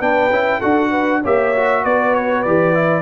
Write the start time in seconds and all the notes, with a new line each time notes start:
0.00 B3 D4 B4 G5
0.30 C#4 E4
0.59 D4 F#4 A4 F#5
0.90 B4
1.21 A#3 G4 C#5 E5
1.54 F#4
1.84 B3 B4 D5
2.14 C#5
2.42 E3 G4 D5
2.74 E4